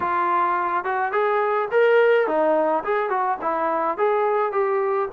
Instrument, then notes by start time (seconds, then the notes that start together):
trombone
0.00 F4
0.84 F#4
1.11 G#4
1.71 A#4
2.27 D#4
2.84 G#4
3.09 F#4
3.41 E4
3.97 G#4
4.52 G4